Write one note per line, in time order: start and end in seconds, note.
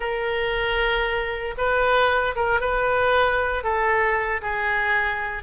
0.00 1.54 A#4
1.57 2.35 B4
2.35 2.60 A#4
2.60 3.63 B4
3.63 4.41 A4
4.41 5.43 G#4